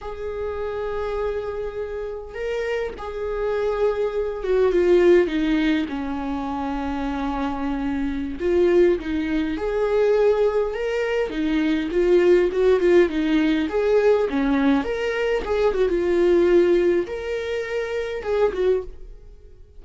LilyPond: \new Staff \with { instrumentName = "viola" } { \time 4/4 \tempo 4 = 102 gis'1 | ais'4 gis'2~ gis'8 fis'8 | f'4 dis'4 cis'2~ | cis'2~ cis'16 f'4 dis'8.~ |
dis'16 gis'2 ais'4 dis'8.~ | dis'16 f'4 fis'8 f'8 dis'4 gis'8.~ | gis'16 cis'4 ais'4 gis'8 fis'16 f'4~ | f'4 ais'2 gis'8 fis'8 | }